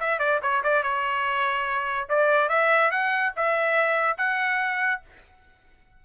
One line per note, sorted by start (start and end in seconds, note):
0.00 0.19 E5
0.19 0.40 D5
0.42 0.63 C#5
0.63 0.83 D5
0.83 2.09 C#5
2.09 2.49 D5
2.49 2.91 E5
2.91 3.33 F#5
3.36 4.17 E5
4.17 5.01 F#5